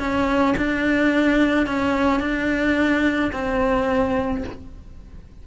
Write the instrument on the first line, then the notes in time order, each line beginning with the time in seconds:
cello
0.00 C#4
0.58 D4
1.67 C#4
2.21 D4
3.33 C4